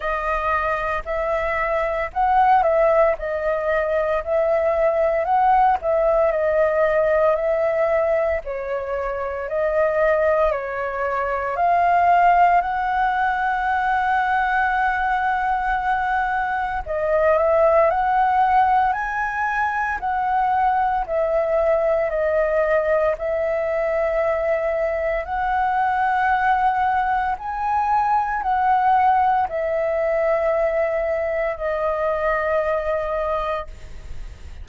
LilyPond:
\new Staff \with { instrumentName = "flute" } { \time 4/4 \tempo 4 = 57 dis''4 e''4 fis''8 e''8 dis''4 | e''4 fis''8 e''8 dis''4 e''4 | cis''4 dis''4 cis''4 f''4 | fis''1 |
dis''8 e''8 fis''4 gis''4 fis''4 | e''4 dis''4 e''2 | fis''2 gis''4 fis''4 | e''2 dis''2 | }